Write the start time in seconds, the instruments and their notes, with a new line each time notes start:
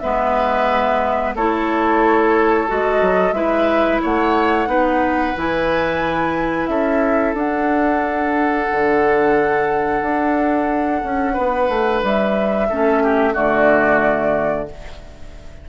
0.00 bassoon G#3, clarinet B3, oboe B4, flute E5
1.35 bassoon A3, clarinet E4, oboe A4, flute C#5
2.68 bassoon G#3, clarinet F#4, flute D#5
3.02 bassoon F#3
3.33 bassoon G#3, clarinet E4, oboe B4, flute E5
4.02 bassoon A3, oboe C#5, flute F#5
4.67 bassoon B3, clarinet D#4, oboe B4
5.37 bassoon E3, clarinet E4, flute G#5
6.67 bassoon C#4, oboe A4, flute E5
7.34 bassoon D4, clarinet D4, flute F#5
8.72 bassoon D3
10.02 bassoon D4
11.04 bassoon C#4
11.34 bassoon B3, oboe B4
11.69 bassoon A3
12.03 bassoon G3, flute E5
12.70 bassoon A3, clarinet C#4, oboe A4
13.03 oboe G4
13.33 bassoon D3, clarinet A3, oboe F#4, flute D5